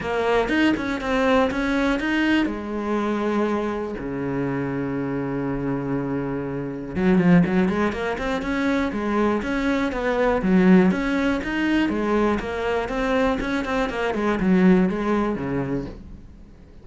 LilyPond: \new Staff \with { instrumentName = "cello" } { \time 4/4 \tempo 4 = 121 ais4 dis'8 cis'8 c'4 cis'4 | dis'4 gis2. | cis1~ | cis2 fis8 f8 fis8 gis8 |
ais8 c'8 cis'4 gis4 cis'4 | b4 fis4 cis'4 dis'4 | gis4 ais4 c'4 cis'8 c'8 | ais8 gis8 fis4 gis4 cis4 | }